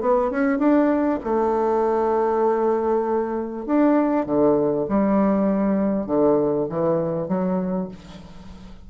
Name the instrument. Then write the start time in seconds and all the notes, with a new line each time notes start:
bassoon
0.00 B3
0.30 C#4
0.58 D4
1.23 A3
3.66 D4
4.25 D3
4.88 G3
6.06 D3
6.69 E3
7.28 F#3